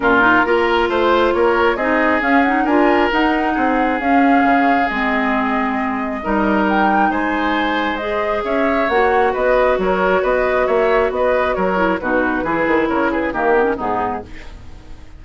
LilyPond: <<
  \new Staff \with { instrumentName = "flute" } { \time 4/4 \tempo 4 = 135 ais'2 c''4 cis''4 | dis''4 f''8 fis''8 gis''4 fis''4~ | fis''4 f''2 dis''4~ | dis''2. g''4 |
gis''2 dis''4 e''4 | fis''4 dis''4 cis''4 dis''4 | e''4 dis''4 cis''4 b'4~ | b'4 cis''8 b'8 ais'4 gis'4 | }
  \new Staff \with { instrumentName = "oboe" } { \time 4/4 f'4 ais'4 c''4 ais'4 | gis'2 ais'2 | gis'1~ | gis'2 ais'2 |
c''2. cis''4~ | cis''4 b'4 ais'4 b'4 | cis''4 b'4 ais'4 fis'4 | gis'4 ais'8 gis'8 g'4 dis'4 | }
  \new Staff \with { instrumentName = "clarinet" } { \time 4/4 cis'8 dis'8 f'2. | dis'4 cis'8 dis'8 f'4 dis'4~ | dis'4 cis'2 c'4~ | c'2 dis'2~ |
dis'2 gis'2 | fis'1~ | fis'2~ fis'8 e'8 dis'4 | e'2 ais8 b16 cis'16 b4 | }
  \new Staff \with { instrumentName = "bassoon" } { \time 4/4 ais,4 ais4 a4 ais4 | c'4 cis'4 d'4 dis'4 | c'4 cis'4 cis4 gis4~ | gis2 g2 |
gis2. cis'4 | ais4 b4 fis4 b4 | ais4 b4 fis4 b,4 | e8 dis8 cis4 dis4 gis,4 | }
>>